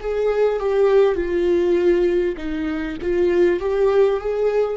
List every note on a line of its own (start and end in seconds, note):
0.00 0.59 G#4
0.59 1.15 G4
1.15 2.35 F4
2.37 2.97 D#4
3.02 3.60 F4
3.60 4.20 G4
4.20 4.77 G#4